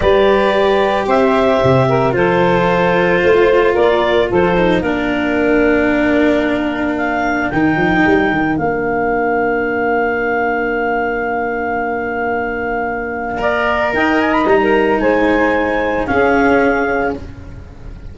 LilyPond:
<<
  \new Staff \with { instrumentName = "clarinet" } { \time 4/4 \tempo 4 = 112 d''2 e''2 | c''2. d''4 | c''4 ais'2.~ | ais'4 f''4 g''2 |
f''1~ | f''1~ | f''2 g''8 gis''16 b''16 ais''4 | gis''2 f''2 | }
  \new Staff \with { instrumentName = "saxophone" } { \time 4/4 b'2 c''4. ais'8 | a'2 c''4 ais'4 | a'4 ais'2.~ | ais'1~ |
ais'1~ | ais'1~ | ais'4 d''4 dis''4~ dis''16 ais'8. | c''2 gis'2 | }
  \new Staff \with { instrumentName = "cello" } { \time 4/4 g'1 | f'1~ | f'8 dis'8 d'2.~ | d'2 dis'2 |
d'1~ | d'1~ | d'4 ais'2 dis'4~ | dis'2 cis'2 | }
  \new Staff \with { instrumentName = "tuba" } { \time 4/4 g2 c'4 c4 | f2 a4 ais4 | f4 ais2.~ | ais2 dis8 f8 g8 dis8 |
ais1~ | ais1~ | ais2 dis'4 g4 | gis2 cis'2 | }
>>